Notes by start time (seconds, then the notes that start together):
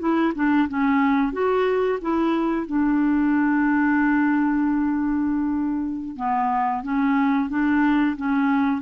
0.00 E4
0.36 D4
0.69 C#4
1.33 F#4
2.02 E4
2.67 D4
6.17 B3
6.83 C#4
7.50 D4
8.17 C#4